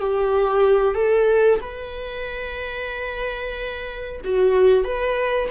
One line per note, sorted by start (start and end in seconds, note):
0.00 0.95 G4
0.95 1.60 A4
1.61 4.22 B4
4.25 4.85 F#4
4.85 5.50 B4